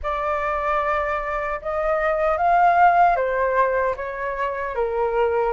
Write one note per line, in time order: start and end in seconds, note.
0.02 1.60 D5
1.61 2.37 D#5
2.37 3.16 F5
3.16 3.95 C5
3.96 4.75 C#5
4.75 5.52 A#4